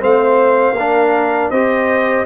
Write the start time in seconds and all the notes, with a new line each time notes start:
0.00 A3 C4 C5 F5
0.72 A#3 A#4
0.78 D4
1.50 C4 G4 C5 D#5